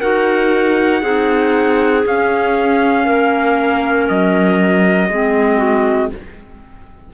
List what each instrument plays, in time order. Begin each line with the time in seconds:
0.00 cello D#4, clarinet F#4 A#4, trumpet F#5
1.02 cello C4, clarinet D#4 G#4
2.04 clarinet C#4, cello C#4, trumpet F5
3.05 cello A#3, clarinet A#4
4.09 cello F#3, trumpet D#5
5.10 cello G#3, clarinet C4 G#4
5.57 clarinet F#4